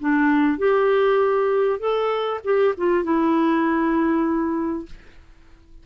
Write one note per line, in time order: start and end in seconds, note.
0.00 0.58 D4
0.58 1.79 G4
1.79 2.40 A4
2.44 2.74 G4
2.77 3.04 F4
3.04 4.85 E4